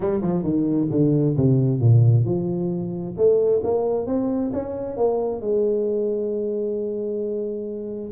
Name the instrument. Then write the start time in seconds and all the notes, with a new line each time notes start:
tuba
0.00 G3
0.21 F3
0.43 D#3
0.90 D3
1.37 C3
1.80 A#2
2.24 F3
3.17 A3
3.63 A#3
4.06 C4
4.52 C#4
4.96 A#3
5.40 G#3